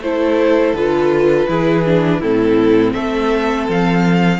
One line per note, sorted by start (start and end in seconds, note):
0.00 0.73 A3
0.00 0.77 E4
0.00 1.49 A4
0.00 0.75 C5
0.73 1.46 D3
0.73 1.48 F4
0.73 2.21 B4
1.48 2.21 E3
1.48 1.84 E4
1.48 2.21 G#4
1.86 2.22 D4
2.21 2.95 A2
2.21 4.40 C4
2.21 2.92 E4
2.21 2.93 A4
2.92 3.68 A3
2.92 4.39 A4
2.92 3.66 E5
3.69 4.40 F3
3.69 4.40 F5